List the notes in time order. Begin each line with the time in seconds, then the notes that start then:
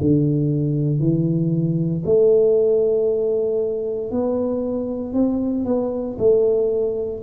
0.00 D3
0.99 E3
2.05 A3
4.11 B3
5.13 C4
5.65 B3
6.18 A3